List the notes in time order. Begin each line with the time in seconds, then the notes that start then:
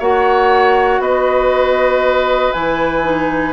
0.00 A#3 F#4 C#5 F#5
1.00 B3 B4 D#5
2.53 E3 E4 G#5
3.03 D#4